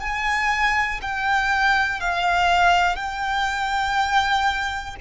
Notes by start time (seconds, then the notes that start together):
0.00 G#5
1.02 G5
2.00 F5
2.96 G5